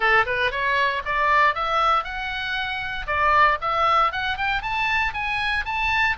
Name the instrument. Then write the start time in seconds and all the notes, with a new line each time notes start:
oboe
0.00 A4
0.26 B4
0.51 C#5
1.05 D5
1.55 E5
2.04 F#5
3.07 D5
3.61 E5
4.12 F#5
4.37 G5
4.62 A5
5.13 G#5
5.65 A5